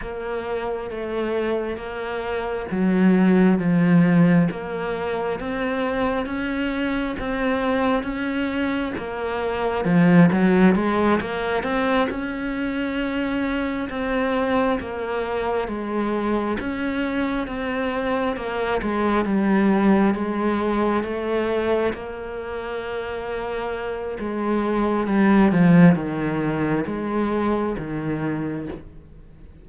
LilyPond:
\new Staff \with { instrumentName = "cello" } { \time 4/4 \tempo 4 = 67 ais4 a4 ais4 fis4 | f4 ais4 c'4 cis'4 | c'4 cis'4 ais4 f8 fis8 | gis8 ais8 c'8 cis'2 c'8~ |
c'8 ais4 gis4 cis'4 c'8~ | c'8 ais8 gis8 g4 gis4 a8~ | a8 ais2~ ais8 gis4 | g8 f8 dis4 gis4 dis4 | }